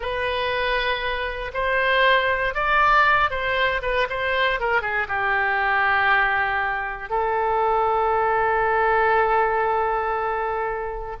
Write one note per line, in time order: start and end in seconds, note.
0.00 1.51 B4
1.53 2.54 C5
2.54 3.30 D5
3.30 3.81 C5
3.82 4.07 B4
4.09 4.60 C5
4.60 4.81 A#4
4.81 5.07 G#4
5.08 7.09 G4
7.09 11.16 A4